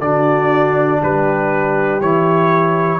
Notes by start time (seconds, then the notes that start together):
0.00 D3 D4 F#4 D5
1.01 G3 G4 B4
2.01 E3 E4 C#5